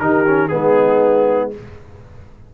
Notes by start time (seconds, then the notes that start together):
0.00 D#3 D#4 G4 A#4
0.26 C#4
0.48 G#3 B3 D#4 G#4